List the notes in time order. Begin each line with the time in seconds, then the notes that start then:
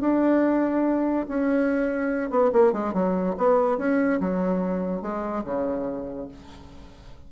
0.00 D4
1.28 C#4
2.30 B3
2.53 A#3
2.73 G#3
2.93 F#3
3.37 B3
3.78 C#4
4.20 F#3
5.02 G#3
5.44 C#3